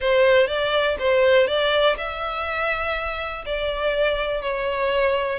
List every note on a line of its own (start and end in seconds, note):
0.00 0.47 C5
0.47 0.96 D5
0.99 1.47 C5
1.47 1.96 D5
1.97 3.44 E5
3.45 4.41 D5
4.41 5.39 C#5